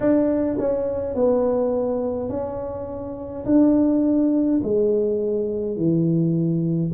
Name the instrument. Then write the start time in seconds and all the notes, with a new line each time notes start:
tuba
0.00 D4
0.58 C#4
1.14 B3
2.29 C#4
3.45 D4
4.63 G#3
5.76 E3